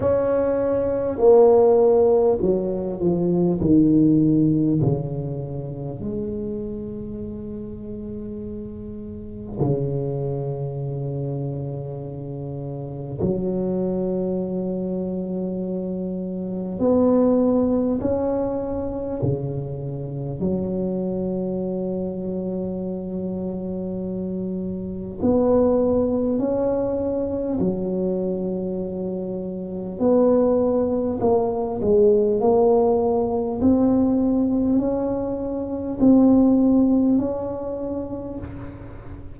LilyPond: \new Staff \with { instrumentName = "tuba" } { \time 4/4 \tempo 4 = 50 cis'4 ais4 fis8 f8 dis4 | cis4 gis2. | cis2. fis4~ | fis2 b4 cis'4 |
cis4 fis2.~ | fis4 b4 cis'4 fis4~ | fis4 b4 ais8 gis8 ais4 | c'4 cis'4 c'4 cis'4 | }